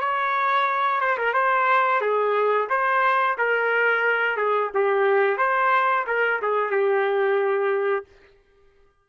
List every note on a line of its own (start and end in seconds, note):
0.00 1.01 C#5
1.01 1.17 C5
1.18 1.33 A#4
1.33 2.01 C5
2.01 2.68 G#4
2.69 3.37 C5
3.38 4.37 A#4
4.37 4.70 G#4
4.74 5.37 G4
5.37 6.05 C5
6.07 6.40 A#4
6.42 6.70 G#4
6.70 8.05 G4